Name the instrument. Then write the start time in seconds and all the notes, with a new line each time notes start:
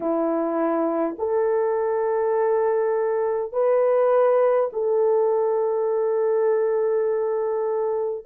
horn
0.00 E4
1.18 A4
3.52 B4
4.73 A4